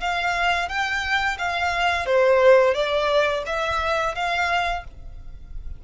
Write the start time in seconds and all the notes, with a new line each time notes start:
0.00 F5
0.69 G5
1.38 F5
2.06 C5
2.74 D5
3.46 E5
4.15 F5